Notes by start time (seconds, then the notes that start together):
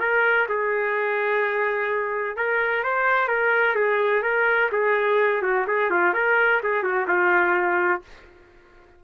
0.00 A#4
0.49 G#4
2.37 A#4
2.84 C5
3.29 A#4
3.76 G#4
4.23 A#4
4.72 G#4
5.42 F#4
5.68 G#4
5.91 F4
6.14 A#4
6.64 G#4
6.84 F#4
7.08 F4